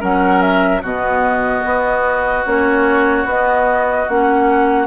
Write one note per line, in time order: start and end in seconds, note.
0.00 0.83 F#3
0.00 0.81 C#4
0.00 0.81 A#4
0.00 0.41 F#5
0.41 0.82 E5
0.82 1.64 B2
0.82 2.46 B3
0.82 4.87 F#4
0.82 2.46 D#5
1.65 2.46 B3
2.46 3.25 A#3
2.46 3.27 C#4
2.46 3.27 C#5
3.25 4.06 B3
3.25 4.08 B3
3.25 4.09 D#5
4.09 4.87 A#3
4.09 4.87 C#4
4.09 4.87 F#5